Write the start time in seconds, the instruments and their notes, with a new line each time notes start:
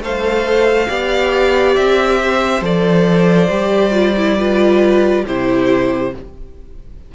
0.00 cello A3, viola A4, violin C5 F5
0.88 cello B3, viola G4, violin D5
1.76 cello C4, violin E5
2.21 violin C5
2.62 cello F3, viola A4, violin D5
3.50 cello G3, viola G4
3.92 viola F4
4.17 viola E4
4.38 viola F4, violin B4
5.26 cello C3, viola E4, violin G4 C5